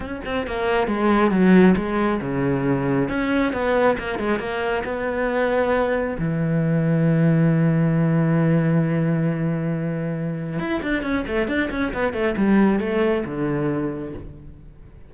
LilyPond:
\new Staff \with { instrumentName = "cello" } { \time 4/4 \tempo 4 = 136 cis'8 c'8 ais4 gis4 fis4 | gis4 cis2 cis'4 | b4 ais8 gis8 ais4 b4~ | b2 e2~ |
e1~ | e1 | e'8 d'8 cis'8 a8 d'8 cis'8 b8 a8 | g4 a4 d2 | }